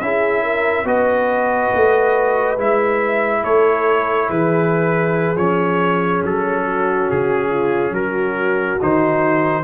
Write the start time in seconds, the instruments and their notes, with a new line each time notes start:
0.00 tuba C#4, trombone E4, horn G#4, trumpet E5
0.42 horn A#4
0.84 tuba B3, trombone F#4, horn B4, trumpet D#5
1.74 tuba A3
2.57 tuba G#3, trombone E4, trumpet E5
3.43 tuba A3, horn A4, trumpet C#5
4.27 tuba E3, horn G#4, trumpet B4
5.35 tuba F3, trombone C#4, trumpet C#5
6.23 tuba F#3, trumpet A4
6.65 horn F#4
7.10 tuba C#3, trumpet G#4
7.49 horn F4
7.91 tuba F#3, horn F#4, trumpet A#4
8.81 tuba D#3, trombone D#4, trumpet C5